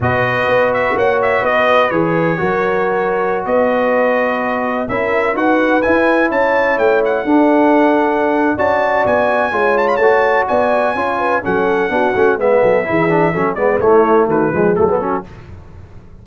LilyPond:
<<
  \new Staff \with { instrumentName = "trumpet" } { \time 4/4 \tempo 4 = 126 dis''4. e''8 fis''8 e''8 dis''4 | cis''2.~ cis''16 dis''8.~ | dis''2~ dis''16 e''4 fis''8.~ | fis''16 gis''4 a''4 g''8 fis''4~ fis''16~ |
fis''2 a''4 gis''4~ | gis''8 a''16 b''16 a''4 gis''2 | fis''2 e''2~ | e''8 d''8 cis''4 b'4 a'4 | }
  \new Staff \with { instrumentName = "horn" } { \time 4/4 b'2 cis''4 b'4~ | b'4 ais'2~ ais'16 b'8.~ | b'2~ b'16 ais'4 b'8.~ | b'4~ b'16 cis''2 a'8.~ |
a'2 d''2 | cis''2 d''4 cis''8 b'8 | a'4 fis'4 b'8 a'8 gis'4 | a'8 b'8 e'4 fis'8 gis'4 fis'8 | }
  \new Staff \with { instrumentName = "trombone" } { \time 4/4 fis'1 | gis'4 fis'2.~ | fis'2~ fis'16 e'4 fis'8.~ | fis'16 e'2. d'8.~ |
d'2 fis'2 | f'4 fis'2 f'4 | cis'4 d'8 cis'8 b4 e'8 d'8 | cis'8 b8 a4. gis8 a16 b16 cis'8 | }
  \new Staff \with { instrumentName = "tuba" } { \time 4/4 b,4 b4 ais4 b4 | e4 fis2~ fis16 b8.~ | b2~ b16 cis'4 dis'8.~ | dis'16 e'4 cis'4 a4 d'8.~ |
d'2 cis'4 b4 | gis4 a4 b4 cis'4 | fis4 b8 a8 gis8 fis8 e4 | fis8 gis8 a4 dis8 f8 fis4 | }
>>